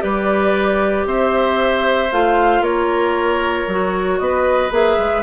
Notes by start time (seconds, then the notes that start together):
0.00 G3 G4 B4 D5
1.06 C4 C5 E5
2.12 A3 F4 F5
2.61 A#3 A#4 C#5
3.68 F#3 F#4
4.19 B3 B4 D#5
4.71 A#3 G#4 E5
4.99 G#3